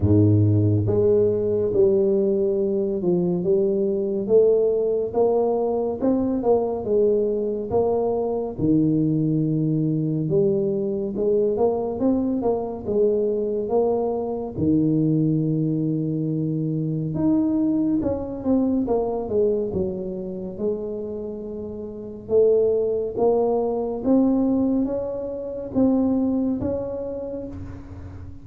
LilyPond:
\new Staff \with { instrumentName = "tuba" } { \time 4/4 \tempo 4 = 70 gis,4 gis4 g4. f8 | g4 a4 ais4 c'8 ais8 | gis4 ais4 dis2 | g4 gis8 ais8 c'8 ais8 gis4 |
ais4 dis2. | dis'4 cis'8 c'8 ais8 gis8 fis4 | gis2 a4 ais4 | c'4 cis'4 c'4 cis'4 | }